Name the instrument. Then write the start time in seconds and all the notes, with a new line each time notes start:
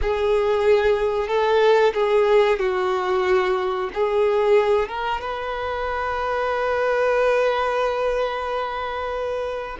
violin
0.01 G#4
1.27 A4
1.94 G#4
2.59 F#4
3.94 G#4
4.88 A#4
5.20 B4